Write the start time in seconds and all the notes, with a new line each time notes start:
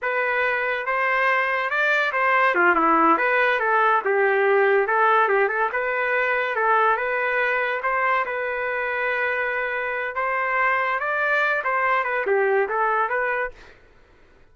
0.02 B4
0.85 C5
1.69 D5
2.12 C5
2.54 F4
2.75 E4
3.17 B4
3.59 A4
4.04 G4
4.87 A4
5.28 G4
5.48 A4
5.72 B4
6.55 A4
6.96 B4
7.82 C5
8.25 B4
10.15 C5
10.99 D5
11.64 C5
12.04 B4
12.26 G4
12.68 A4
13.09 B4